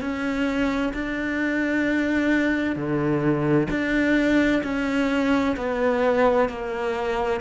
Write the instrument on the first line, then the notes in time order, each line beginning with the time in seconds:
cello
0.00 C#4
0.93 D4
2.75 D3
3.70 D4
4.63 C#4
5.56 B3
6.49 A#3